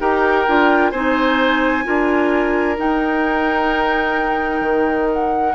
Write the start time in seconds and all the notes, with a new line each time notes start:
0.00 D#4 G4 A#4 G5
0.47 D4 F4
0.90 C4 D#4 C5 G#5
1.83 D4 F4 A#4
2.76 D#4 G5
4.60 D#3
5.12 F#5